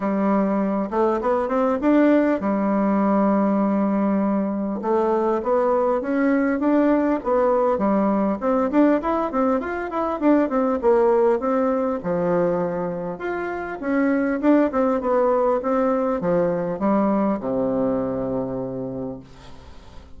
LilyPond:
\new Staff \with { instrumentName = "bassoon" } { \time 4/4 \tempo 4 = 100 g4. a8 b8 c'8 d'4 | g1 | a4 b4 cis'4 d'4 | b4 g4 c'8 d'8 e'8 c'8 |
f'8 e'8 d'8 c'8 ais4 c'4 | f2 f'4 cis'4 | d'8 c'8 b4 c'4 f4 | g4 c2. | }